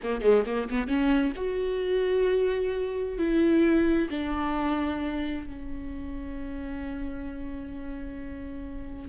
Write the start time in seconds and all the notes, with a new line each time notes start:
0.03 A#3
0.21 G#3
0.46 A#3
0.70 B3
0.87 C#4
1.36 F#4
3.17 E4
4.10 D4
5.46 C#4